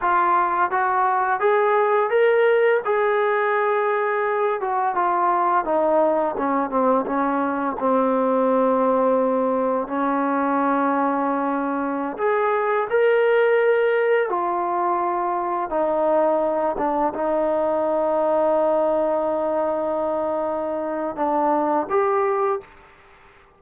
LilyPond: \new Staff \with { instrumentName = "trombone" } { \time 4/4 \tempo 4 = 85 f'4 fis'4 gis'4 ais'4 | gis'2~ gis'8 fis'8 f'4 | dis'4 cis'8 c'8 cis'4 c'4~ | c'2 cis'2~ |
cis'4~ cis'16 gis'4 ais'4.~ ais'16~ | ais'16 f'2 dis'4. d'16~ | d'16 dis'2.~ dis'8.~ | dis'2 d'4 g'4 | }